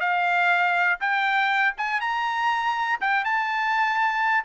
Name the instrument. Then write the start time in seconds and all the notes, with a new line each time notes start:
trumpet
0.00 F5
1.00 G5
1.77 G#5
2.00 A#5
3.00 G5
3.24 A5